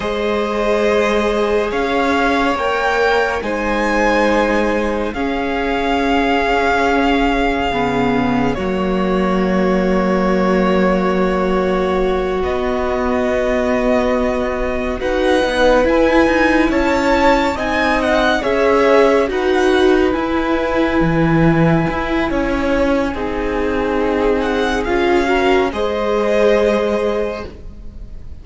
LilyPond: <<
  \new Staff \with { instrumentName = "violin" } { \time 4/4 \tempo 4 = 70 dis''2 f''4 g''4 | gis''2 f''2~ | f''2 cis''2~ | cis''2~ cis''8 dis''4.~ |
dis''4. fis''4 gis''4 a''8~ | a''8 gis''8 fis''8 e''4 fis''4 gis''8~ | gis''1~ | gis''8 fis''8 f''4 dis''2 | }
  \new Staff \with { instrumentName = "violin" } { \time 4/4 c''2 cis''2 | c''2 gis'2~ | gis'2 fis'2~ | fis'1~ |
fis'4. b'2 cis''8~ | cis''8 dis''4 cis''4 b'4.~ | b'2 cis''4 gis'4~ | gis'4. ais'8 c''2 | }
  \new Staff \with { instrumentName = "viola" } { \time 4/4 gis'2. ais'4 | dis'2 cis'2~ | cis'4 b4 ais2~ | ais2~ ais8 b4.~ |
b4. fis'8 dis'8 e'4.~ | e'8 dis'4 gis'4 fis'4 e'8~ | e'2. dis'4~ | dis'4 f'8 fis'8 gis'2 | }
  \new Staff \with { instrumentName = "cello" } { \time 4/4 gis2 cis'4 ais4 | gis2 cis'2~ | cis'4 cis4 fis2~ | fis2~ fis8 b4.~ |
b4. dis'8 b8 e'8 dis'8 cis'8~ | cis'8 c'4 cis'4 dis'4 e'8~ | e'8 e4 e'8 cis'4 c'4~ | c'4 cis'4 gis2 | }
>>